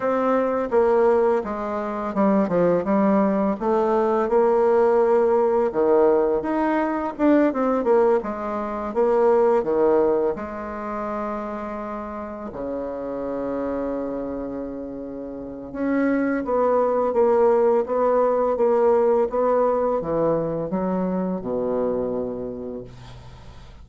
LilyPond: \new Staff \with { instrumentName = "bassoon" } { \time 4/4 \tempo 4 = 84 c'4 ais4 gis4 g8 f8 | g4 a4 ais2 | dis4 dis'4 d'8 c'8 ais8 gis8~ | gis8 ais4 dis4 gis4.~ |
gis4. cis2~ cis8~ | cis2 cis'4 b4 | ais4 b4 ais4 b4 | e4 fis4 b,2 | }